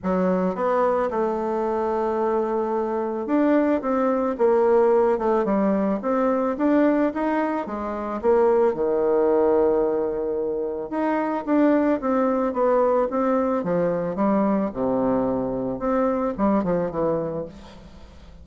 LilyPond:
\new Staff \with { instrumentName = "bassoon" } { \time 4/4 \tempo 4 = 110 fis4 b4 a2~ | a2 d'4 c'4 | ais4. a8 g4 c'4 | d'4 dis'4 gis4 ais4 |
dis1 | dis'4 d'4 c'4 b4 | c'4 f4 g4 c4~ | c4 c'4 g8 f8 e4 | }